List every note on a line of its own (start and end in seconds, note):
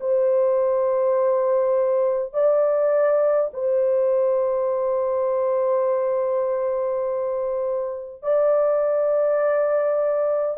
0.00 2.33 C5
2.33 3.51 D5
3.53 8.22 C5
8.22 10.57 D5